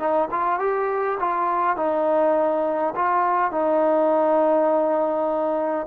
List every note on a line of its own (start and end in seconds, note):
0.00 0.29 D#4
0.32 0.60 F4
0.60 1.19 G4
1.20 1.77 F4
1.77 2.95 D#4
2.96 3.52 F4
3.52 5.87 D#4